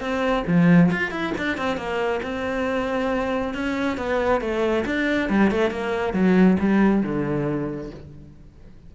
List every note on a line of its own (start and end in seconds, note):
0.00 0.44 C4
0.47 0.91 F3
0.91 1.11 F4
1.11 1.33 E4
1.38 1.57 D4
1.57 1.77 C4
1.77 2.20 A#3
2.23 3.54 C4
3.54 3.97 C#4
3.97 4.41 B3
4.41 4.85 A3
4.85 5.29 D4
5.29 5.51 G3
5.51 5.70 A3
5.70 6.13 A#3
6.13 6.57 F#3
6.59 7.03 G3
7.03 7.90 D3